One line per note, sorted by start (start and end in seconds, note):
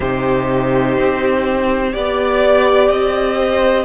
0.00 0.97 C3
0.00 1.92 D#4
0.00 1.92 G4
0.00 1.93 C5
0.98 1.94 C4
1.92 2.90 B3
1.92 3.84 G4
1.92 2.89 D5
1.92 3.36 D5
2.89 3.84 C4
2.89 3.84 D#5
3.36 3.84 C5